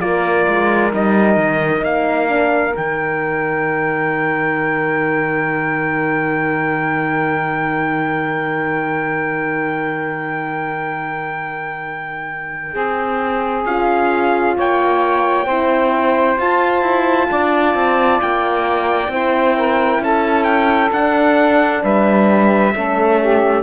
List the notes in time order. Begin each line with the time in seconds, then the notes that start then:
0.00 A#3 F4 A#4 D5
0.48 G#3
0.92 G3 D#4 D#5
1.36 D#3
1.82 A#3 F5
2.29 D4
2.72 D#3 D#4 G5
12.73 C4 G#4
13.65 C#4 F4 F5
14.56 A#3 C#5 G5
15.45 C4 E4 C5
16.37 F4 A5
16.81 E4
17.30 D4 D5
17.74 C4
18.21 A#3 G5
19.08 C4 E4 C5
19.57 A#4
19.99 C#4 A4 A5
20.44 G5
20.92 D4 F#5
21.83 G3 B4 E5
22.75 A3 C#4 A4
23.21 G4